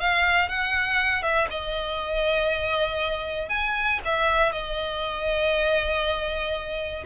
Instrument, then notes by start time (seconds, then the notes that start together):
violin
0.00 F5
0.49 F#5
1.23 E5
1.51 D#5
3.50 G#5
4.05 E5
4.53 D#5